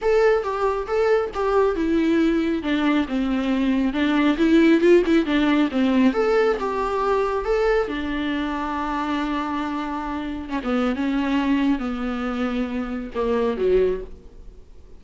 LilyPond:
\new Staff \with { instrumentName = "viola" } { \time 4/4 \tempo 4 = 137 a'4 g'4 a'4 g'4 | e'2 d'4 c'4~ | c'4 d'4 e'4 f'8 e'8 | d'4 c'4 a'4 g'4~ |
g'4 a'4 d'2~ | d'1 | cis'16 b8. cis'2 b4~ | b2 ais4 fis4 | }